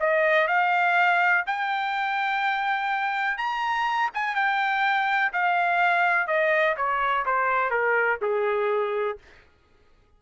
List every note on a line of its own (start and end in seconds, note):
0.00 0.48 D#5
0.48 1.45 F5
1.46 3.37 G5
3.37 4.10 A#5
4.14 4.35 G#5
4.35 5.32 G5
5.33 6.27 F5
6.27 6.76 D#5
6.77 7.25 C#5
7.25 7.70 C5
7.70 8.19 A#4
8.21 9.18 G#4